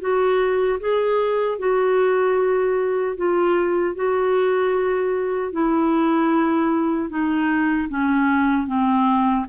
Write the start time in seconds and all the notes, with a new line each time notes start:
0.00 F#4
0.80 G#4
1.59 F#4
3.17 F4
3.95 F#4
5.52 E4
7.09 D#4
7.89 C#4
8.67 C4